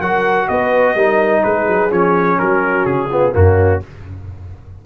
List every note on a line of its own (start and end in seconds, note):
0.00 0.48 F#3
0.00 0.98 F#4
0.00 0.48 A#4
0.00 0.48 F#5
0.48 0.95 B3
0.48 0.95 B4
0.48 1.43 D#5
0.95 1.42 G3
0.95 1.90 D#4
0.95 1.42 A#4
1.43 1.67 G#3
1.43 2.39 G#4
1.43 1.91 B4
1.67 1.91 F#3
1.90 2.39 F3
1.90 3.09 C#4
1.90 2.38 C#5
2.38 2.85 F#3
2.38 3.09 F#4
2.38 2.85 A#4
2.85 3.33 C#3
2.85 3.33 G#4
3.09 3.32 B3
3.09 3.33 F4
3.32 3.82 F#2
3.32 3.80 A#3
3.32 3.86 C#4
3.32 3.82 F#4